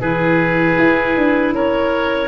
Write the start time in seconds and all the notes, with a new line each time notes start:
0.00 E3 E4 G#4 B4
0.78 E4
1.16 D4
1.54 C#4 A#4 C#5